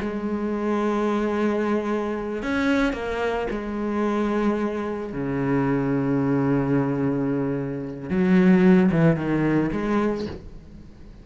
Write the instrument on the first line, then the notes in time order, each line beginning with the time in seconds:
cello
0.00 G#3
2.42 C#4
2.93 A#3
3.50 G#3
5.13 C#3
8.09 F#3
8.91 E3
9.16 D#3
9.72 G#3